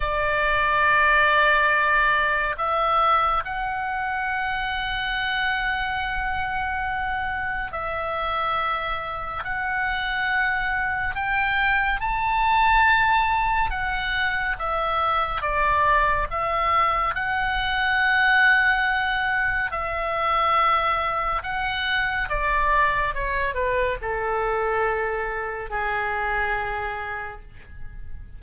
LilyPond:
\new Staff \with { instrumentName = "oboe" } { \time 4/4 \tempo 4 = 70 d''2. e''4 | fis''1~ | fis''4 e''2 fis''4~ | fis''4 g''4 a''2 |
fis''4 e''4 d''4 e''4 | fis''2. e''4~ | e''4 fis''4 d''4 cis''8 b'8 | a'2 gis'2 | }